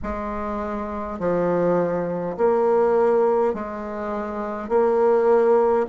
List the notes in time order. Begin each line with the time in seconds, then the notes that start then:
0.03 G#3
1.19 F3
2.37 A#3
3.53 G#3
4.68 A#3